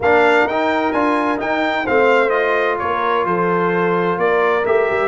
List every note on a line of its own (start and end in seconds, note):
0.00 0.45 A#3
0.00 0.49 D4
0.00 1.83 A#4
0.00 0.47 F5
0.45 0.92 D#4
0.45 0.94 D#4
0.45 0.92 G5
0.92 1.39 D4
0.92 1.38 F4
0.92 1.38 G#5
1.38 1.84 D#4
1.38 1.87 D#4
1.38 1.86 G5
1.83 2.81 A3
1.83 2.29 C4
1.83 2.76 C5
1.83 2.29 F5
2.29 4.62 F4
2.29 2.76 D#5
2.79 3.24 A#3
2.79 3.27 A#4
2.79 3.25 C#5
3.24 4.17 F3
3.24 4.19 A4
3.24 4.18 C5
4.17 4.64 A#3
4.17 5.07 A#4
4.17 4.65 D5
4.65 4.89 A3
4.65 5.07 G4
4.65 5.07 E5
4.90 5.07 G3